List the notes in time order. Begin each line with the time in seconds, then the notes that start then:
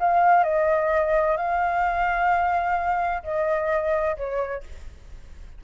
0.00 F5
0.44 D#5
1.37 F5
3.23 D#5
4.17 C#5